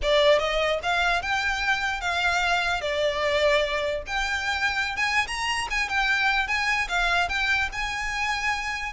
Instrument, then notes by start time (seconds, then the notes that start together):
violin
0.02 D5
0.39 D#5
0.82 F5
1.21 G5
2.00 F5
2.81 D5
4.07 G5
4.96 G#5
5.27 A#5
5.70 G#5
5.88 G5
6.47 G#5
6.88 F5
7.28 G5
7.72 G#5